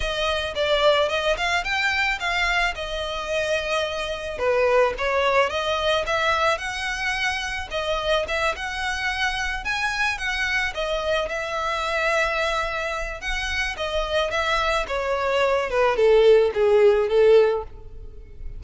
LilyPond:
\new Staff \with { instrumentName = "violin" } { \time 4/4 \tempo 4 = 109 dis''4 d''4 dis''8 f''8 g''4 | f''4 dis''2. | b'4 cis''4 dis''4 e''4 | fis''2 dis''4 e''8 fis''8~ |
fis''4. gis''4 fis''4 dis''8~ | dis''8 e''2.~ e''8 | fis''4 dis''4 e''4 cis''4~ | cis''8 b'8 a'4 gis'4 a'4 | }